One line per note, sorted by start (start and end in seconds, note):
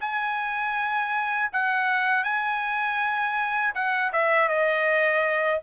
0.00 1.50 G#5
1.52 2.24 F#5
2.24 3.74 G#5
3.74 4.11 F#5
4.12 4.48 E5
4.48 5.60 D#5